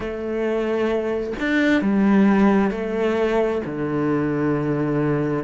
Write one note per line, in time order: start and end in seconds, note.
0.00 1.33 A3
1.39 1.81 D4
1.81 2.70 G3
2.70 3.61 A3
3.65 5.43 D3